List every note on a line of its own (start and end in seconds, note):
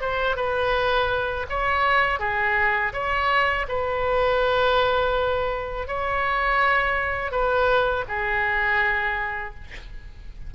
0.00 0.36 C5
0.36 1.46 B4
1.49 2.19 C#5
2.19 2.92 G#4
2.93 3.66 C#5
3.68 5.87 B4
5.87 7.31 C#5
7.31 8.05 B4
8.08 9.54 G#4